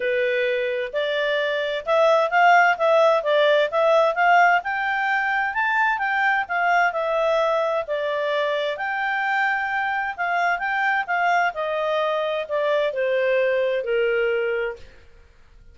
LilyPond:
\new Staff \with { instrumentName = "clarinet" } { \time 4/4 \tempo 4 = 130 b'2 d''2 | e''4 f''4 e''4 d''4 | e''4 f''4 g''2 | a''4 g''4 f''4 e''4~ |
e''4 d''2 g''4~ | g''2 f''4 g''4 | f''4 dis''2 d''4 | c''2 ais'2 | }